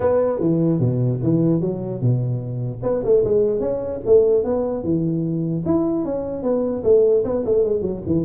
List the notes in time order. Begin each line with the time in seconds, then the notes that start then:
0.00 B3
0.39 E3
0.79 B2
1.22 E3
1.60 F#3
2.01 B2
2.82 B3
3.03 A3
3.24 G#3
3.59 C#4
4.05 A3
4.44 B3
4.83 E3
5.65 E4
6.04 C#4
6.42 B3
6.83 A3
7.24 B3
7.45 A3
7.64 G#3
7.81 F#3
8.05 E3